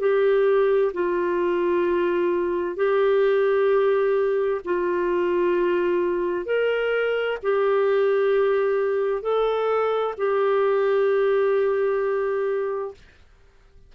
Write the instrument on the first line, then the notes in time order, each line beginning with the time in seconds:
clarinet
0.00 G4
0.93 F4
2.76 G4
4.64 F4
6.45 A#4
7.42 G4
9.22 A4
10.17 G4